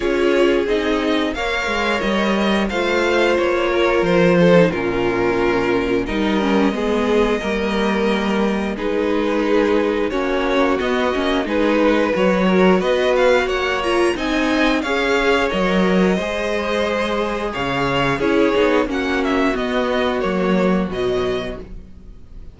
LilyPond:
<<
  \new Staff \with { instrumentName = "violin" } { \time 4/4 \tempo 4 = 89 cis''4 dis''4 f''4 dis''4 | f''4 cis''4 c''4 ais'4~ | ais'4 dis''2.~ | dis''4 b'2 cis''4 |
dis''4 b'4 cis''4 dis''8 f''8 | fis''8 ais''8 gis''4 f''4 dis''4~ | dis''2 f''4 cis''4 | fis''8 e''8 dis''4 cis''4 dis''4 | }
  \new Staff \with { instrumentName = "violin" } { \time 4/4 gis'2 cis''2 | c''4. ais'4 a'8 f'4~ | f'4 ais'4 gis'4 ais'4~ | ais'4 gis'2 fis'4~ |
fis'4 gis'8 b'4 ais'8 b'4 | cis''4 dis''4 cis''2 | c''2 cis''4 gis'4 | fis'1 | }
  \new Staff \with { instrumentName = "viola" } { \time 4/4 f'4 dis'4 ais'2 | f'2~ f'8. dis'16 cis'4~ | cis'4 dis'8 cis'8 b4 ais4~ | ais4 dis'2 cis'4 |
b8 cis'8 dis'4 fis'2~ | fis'8 f'8 dis'4 gis'4 ais'4 | gis'2. e'8 dis'8 | cis'4 b4 ais4 fis4 | }
  \new Staff \with { instrumentName = "cello" } { \time 4/4 cis'4 c'4 ais8 gis8 g4 | a4 ais4 f4 ais,4~ | ais,4 g4 gis4 g4~ | g4 gis2 ais4 |
b8 ais8 gis4 fis4 b4 | ais4 c'4 cis'4 fis4 | gis2 cis4 cis'8 b8 | ais4 b4 fis4 b,4 | }
>>